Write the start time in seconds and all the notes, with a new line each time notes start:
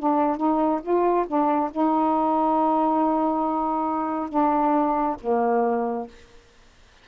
0.00 D4
0.38 D#4
0.83 F4
1.28 D4
1.72 D#4
4.30 D4
5.21 A#3